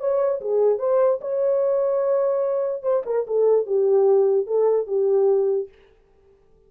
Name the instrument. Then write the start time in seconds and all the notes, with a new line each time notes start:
horn
0.00 C#5
0.41 G#4
0.79 C5
1.21 C#5
2.83 C5
3.06 A#4
3.27 A4
3.66 G4
4.47 A4
4.87 G4